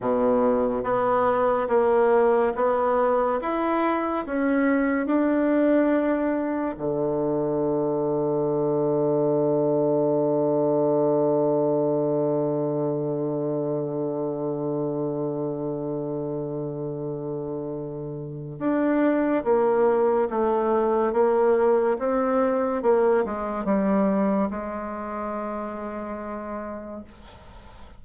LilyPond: \new Staff \with { instrumentName = "bassoon" } { \time 4/4 \tempo 4 = 71 b,4 b4 ais4 b4 | e'4 cis'4 d'2 | d1~ | d1~ |
d1~ | d2 d'4 ais4 | a4 ais4 c'4 ais8 gis8 | g4 gis2. | }